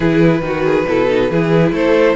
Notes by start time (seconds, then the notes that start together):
0.00 E3 E4 G#4 B4
0.41 D#3 F#4
0.64 G#4
0.87 B2 E4 A4
1.08 D#4
1.30 E3 E4 G#4
1.72 A3 A4 C5